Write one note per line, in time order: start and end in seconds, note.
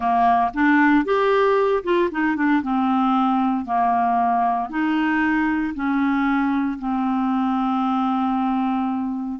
0.00 0.51 A#3
0.54 1.04 D4
1.04 1.83 G4
1.83 2.09 F4
2.11 2.35 D#4
2.35 2.62 D4
2.62 3.65 C4
3.65 4.69 A#3
4.69 5.73 D#4
5.74 6.78 C#4
6.78 9.39 C4